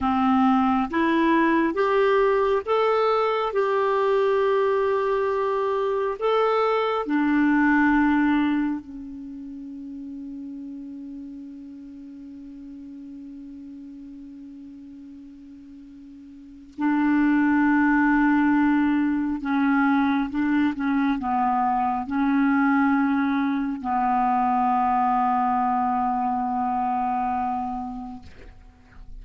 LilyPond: \new Staff \with { instrumentName = "clarinet" } { \time 4/4 \tempo 4 = 68 c'4 e'4 g'4 a'4 | g'2. a'4 | d'2 cis'2~ | cis'1~ |
cis'2. d'4~ | d'2 cis'4 d'8 cis'8 | b4 cis'2 b4~ | b1 | }